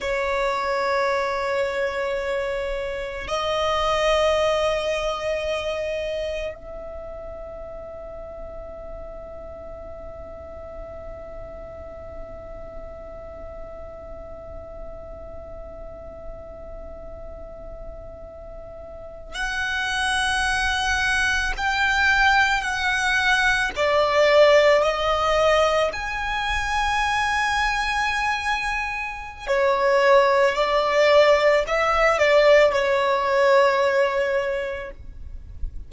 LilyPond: \new Staff \with { instrumentName = "violin" } { \time 4/4 \tempo 4 = 55 cis''2. dis''4~ | dis''2 e''2~ | e''1~ | e''1~ |
e''4.~ e''16 fis''2 g''16~ | g''8. fis''4 d''4 dis''4 gis''16~ | gis''2. cis''4 | d''4 e''8 d''8 cis''2 | }